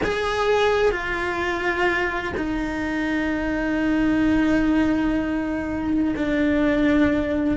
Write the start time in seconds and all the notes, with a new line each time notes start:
0.03 G#4
0.91 F4
2.36 D#4
6.16 D4